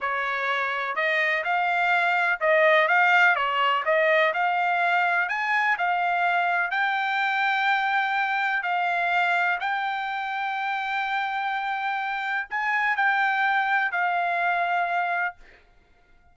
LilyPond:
\new Staff \with { instrumentName = "trumpet" } { \time 4/4 \tempo 4 = 125 cis''2 dis''4 f''4~ | f''4 dis''4 f''4 cis''4 | dis''4 f''2 gis''4 | f''2 g''2~ |
g''2 f''2 | g''1~ | g''2 gis''4 g''4~ | g''4 f''2. | }